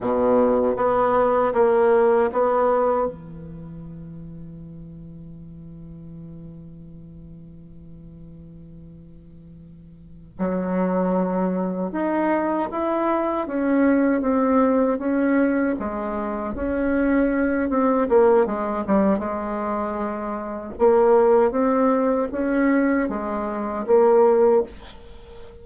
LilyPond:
\new Staff \with { instrumentName = "bassoon" } { \time 4/4 \tempo 4 = 78 b,4 b4 ais4 b4 | e1~ | e1~ | e4. fis2 dis'8~ |
dis'8 e'4 cis'4 c'4 cis'8~ | cis'8 gis4 cis'4. c'8 ais8 | gis8 g8 gis2 ais4 | c'4 cis'4 gis4 ais4 | }